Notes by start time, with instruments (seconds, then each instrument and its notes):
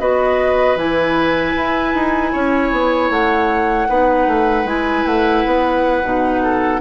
0.00 bassoon B3, clarinet F#4, oboe B4, flute D#5
0.76 bassoon E3, clarinet E4, flute G#5
1.57 bassoon E4
1.95 bassoon D#4
2.33 bassoon C#4, oboe C#5
2.72 bassoon B3
3.10 bassoon A3, flute F#5
3.89 bassoon B3, clarinet D#4, oboe B4
4.28 bassoon A3
4.65 bassoon G#3, clarinet E4, flute G#5
5.06 bassoon A3, flute F#5
5.46 bassoon B3
6.04 bassoon B2, clarinet D#4
6.43 oboe A4